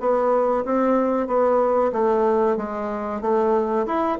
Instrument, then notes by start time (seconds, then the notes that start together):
bassoon
0.00 B3
0.65 C4
1.27 B3
1.92 A3
2.57 G#3
3.21 A3
3.86 E4